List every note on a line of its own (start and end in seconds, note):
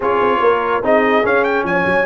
0.00 0.19 C#4
0.00 0.83 F4
0.00 0.40 G#4
0.00 0.84 C#5
0.21 0.40 C4
0.40 0.81 A#3
0.40 0.83 A#4
0.82 1.23 C4
0.82 1.23 D#4
0.82 1.66 G#4
0.82 1.26 D#5
1.23 2.05 C#4
1.23 1.63 C#4
1.23 1.44 F5
1.44 1.64 G5
1.63 1.84 F3
1.63 2.05 C#5
1.63 2.05 G#5
1.85 2.05 F#3